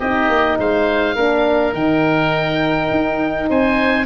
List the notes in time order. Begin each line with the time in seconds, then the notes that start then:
0.00 C4 D#4 G4 D#5
0.29 A#3
0.59 G#3 C5 F5
1.16 A#3 D4 A#4
1.74 D#3 D#4 G5
2.92 D#4
3.50 C4 C5 G#5